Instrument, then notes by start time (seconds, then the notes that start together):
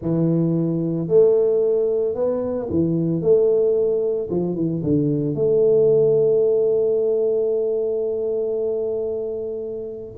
tuba
0.01 E3
1.08 A3
2.14 B3
2.70 E3
3.21 A3
4.30 F3
4.55 E3
4.83 D3
5.34 A3